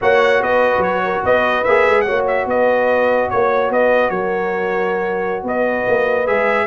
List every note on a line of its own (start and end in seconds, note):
0.01 0.41 A#3
0.01 1.65 F#4
0.01 0.42 C#5
0.01 0.42 F#5
0.41 0.77 B3
0.41 1.03 B4
0.41 0.82 D#5
0.77 1.18 F#3
0.77 1.23 C#5
1.03 1.22 A#4
1.22 1.65 B3
1.22 2.04 B4
1.22 1.64 D#5
1.64 1.87 A#3
1.64 2.06 G#4
1.64 2.01 E5
1.87 2.08 G#3
2.01 6.26 F#4
2.01 2.46 C#5
2.01 2.21 F#5
2.08 2.45 A#3
2.27 2.47 E5
2.45 3.27 B3
2.45 3.30 B4
2.45 3.30 D#5
3.30 3.70 A#3
3.30 3.71 C#5
3.30 3.70 C#5
3.70 4.10 B3
3.70 4.10 B4
3.70 4.10 D#5
4.10 5.43 F#3
4.10 5.43 A#4
4.10 5.43 C#5
5.43 5.84 B3
5.43 6.66 B4
5.43 6.27 D#5
5.87 6.28 A#3
6.26 6.66 G#3
6.26 6.66 G#4
6.26 6.66 E5